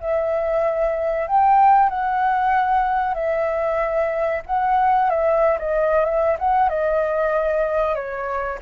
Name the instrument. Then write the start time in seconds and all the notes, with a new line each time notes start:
flute
0.00 E5
1.27 G5
1.89 F#5
3.15 E5
4.46 F#5
5.10 E5
5.59 D#5
6.05 E5
6.39 F#5
6.69 D#5
7.95 C#5